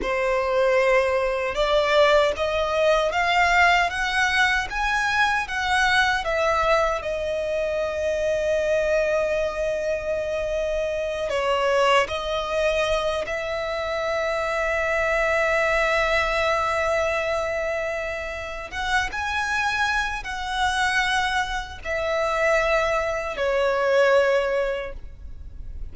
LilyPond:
\new Staff \with { instrumentName = "violin" } { \time 4/4 \tempo 4 = 77 c''2 d''4 dis''4 | f''4 fis''4 gis''4 fis''4 | e''4 dis''2.~ | dis''2~ dis''8 cis''4 dis''8~ |
dis''4 e''2.~ | e''1 | fis''8 gis''4. fis''2 | e''2 cis''2 | }